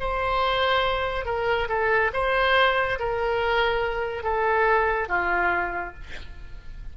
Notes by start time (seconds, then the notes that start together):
0.00 C5
1.25 A#4
1.69 A4
2.13 C5
3.00 A#4
4.23 A4
5.08 F4